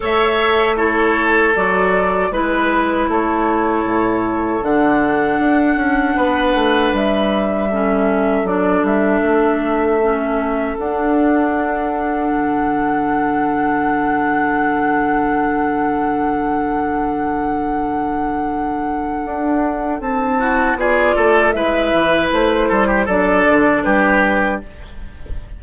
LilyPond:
<<
  \new Staff \with { instrumentName = "flute" } { \time 4/4 \tempo 4 = 78 e''4 cis''4 d''4 b'4 | cis''2 fis''2~ | fis''4 e''2 d''8 e''8~ | e''2 fis''2~ |
fis''1~ | fis''1~ | fis''2 a''4 d''4 | e''4 c''4 d''4 b'4 | }
  \new Staff \with { instrumentName = "oboe" } { \time 4/4 cis''4 a'2 b'4 | a'1 | b'2 a'2~ | a'1~ |
a'1~ | a'1~ | a'2~ a'8 fis'8 gis'8 a'8 | b'4. a'16 g'16 a'4 g'4 | }
  \new Staff \with { instrumentName = "clarinet" } { \time 4/4 a'4 e'4 fis'4 e'4~ | e'2 d'2~ | d'2 cis'4 d'4~ | d'4 cis'4 d'2~ |
d'1~ | d'1~ | d'2~ d'8 e'8 f'4 | e'2 d'2 | }
  \new Staff \with { instrumentName = "bassoon" } { \time 4/4 a2 fis4 gis4 | a4 a,4 d4 d'8 cis'8 | b8 a8 g2 fis8 g8 | a2 d'2 |
d1~ | d1~ | d4 d'4 c'4 b8 a8 | gis8 e8 a8 g8 fis8 d8 g4 | }
>>